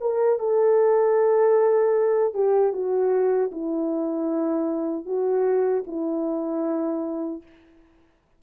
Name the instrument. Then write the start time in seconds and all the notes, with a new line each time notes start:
horn
0.00 A#4
0.39 A4
2.34 G4
2.72 F#4
3.51 E4
5.05 F#4
5.86 E4